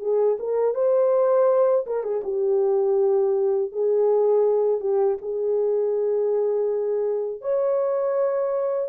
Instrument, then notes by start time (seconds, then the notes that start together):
horn
0.00 G#4
0.39 A#4
0.74 C5
1.86 A#4
2.03 G#4
2.24 G4
3.72 G#4
4.80 G4
5.22 G#4
7.41 C#5